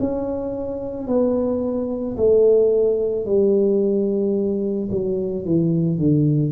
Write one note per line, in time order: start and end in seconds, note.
0.00 1.07 C#4
1.07 2.16 B3
2.17 3.25 A3
3.25 4.89 G3
4.91 5.45 F#3
5.45 5.98 E3
5.98 6.52 D3